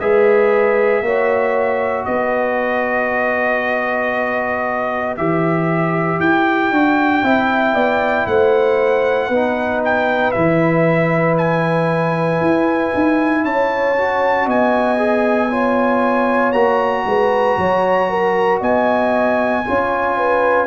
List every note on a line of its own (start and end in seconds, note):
0.00 1.02 G#3
0.00 1.05 G#4
0.00 1.04 B4
0.00 2.05 E5
1.02 2.05 A#3
1.02 5.19 F#4
1.02 2.07 C#5
2.05 5.18 B3
2.05 7.24 B4
2.05 5.16 D#5
5.17 6.20 E3
5.17 6.74 G4
5.17 6.20 E5
6.20 6.71 E4
6.20 8.27 G5
6.71 7.23 D4
6.71 7.25 F#4
7.23 7.74 C4
7.23 9.31 E4
7.23 7.74 E5
7.74 8.26 B3
7.74 8.26 D5
8.27 9.29 A3
8.27 9.29 C5
8.27 9.82 F#5
9.29 10.33 B3
9.29 10.35 D#4
9.29 13.42 B4
9.85 10.32 G5
10.32 12.41 E3
10.32 13.97 E4
10.32 11.35 E5
11.38 13.45 G#5
12.41 12.93 E4
12.95 13.44 D#4
13.44 14.47 C#4
13.44 14.46 C#5
13.44 14.48 A5
13.98 14.98 F#4
14.46 16.53 B3
14.46 15.50 D#5
14.46 16.52 G#5
14.98 15.50 G#4
15.50 16.54 F4
15.50 17.05 C#5
16.52 17.05 A#3
16.52 19.64 F#4
16.52 18.59 A#5
17.06 17.57 G#3
17.06 17.59 B4
17.58 18.61 F#3
17.58 18.10 C#5
18.10 18.61 A#4
18.61 19.65 B3
18.61 19.64 D#5
18.61 20.67 G#5
19.65 20.67 C#4
19.65 20.67 F4
19.65 20.18 C#5
20.18 20.67 B4